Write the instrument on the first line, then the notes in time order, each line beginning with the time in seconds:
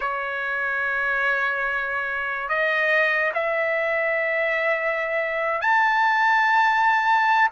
trumpet
0.00 C#5
2.48 D#5
3.34 E5
5.61 A5